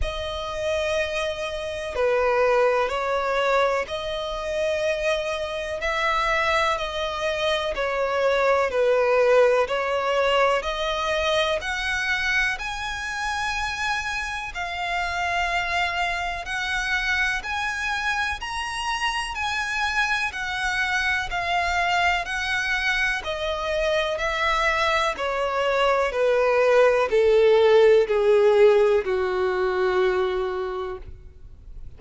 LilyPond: \new Staff \with { instrumentName = "violin" } { \time 4/4 \tempo 4 = 62 dis''2 b'4 cis''4 | dis''2 e''4 dis''4 | cis''4 b'4 cis''4 dis''4 | fis''4 gis''2 f''4~ |
f''4 fis''4 gis''4 ais''4 | gis''4 fis''4 f''4 fis''4 | dis''4 e''4 cis''4 b'4 | a'4 gis'4 fis'2 | }